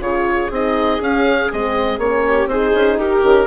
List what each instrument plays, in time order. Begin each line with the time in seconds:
0.00 bassoon C#3, horn F4, viola G#4, oboe C#5
0.50 bassoon C4, horn D#4, oboe D#5
1.00 bassoon C#4, horn C#4, oboe F5
1.52 bassoon G#3, horn C4, oboe D#5
1.98 bassoon A#3, horn C#4, oboe C#5
2.26 viola G4
2.46 bassoon C4, horn D#4, viola G#4, oboe C5
2.74 bassoon C#4
2.97 bassoon D#4, viola G4, oboe A#4
3.22 bassoon D#3, horn C#4